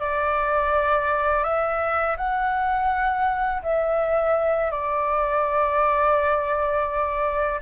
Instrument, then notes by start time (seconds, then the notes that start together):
flute
0.00 D5
1.44 E5
2.18 F#5
3.63 E5
4.71 D5